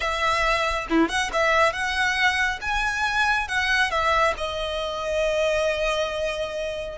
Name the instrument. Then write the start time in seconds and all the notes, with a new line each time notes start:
violin
0.00 E5
0.89 E4
1.08 F#5
1.32 E5
1.72 F#5
2.61 G#5
3.47 F#5
3.90 E5
4.37 D#5